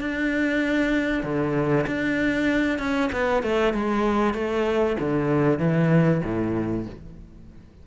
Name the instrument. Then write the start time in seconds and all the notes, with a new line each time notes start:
cello
0.00 D4
1.23 D3
1.87 D4
2.79 C#4
3.12 B3
3.43 A3
3.74 G#3
4.34 A3
4.99 D3
5.59 E3
6.24 A2